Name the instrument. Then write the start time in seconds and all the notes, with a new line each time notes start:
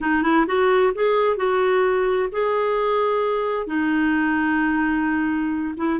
clarinet
0.01 D#4
0.22 E4
0.47 F#4
0.94 G#4
1.36 F#4
2.31 G#4
3.67 D#4
5.77 E4